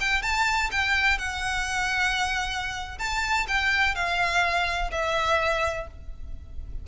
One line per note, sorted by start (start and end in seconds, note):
0.00 0.22 G5
0.22 0.70 A5
0.71 1.18 G5
1.18 2.98 F#5
2.98 3.46 A5
3.48 3.95 G5
3.95 4.91 F5
4.91 5.87 E5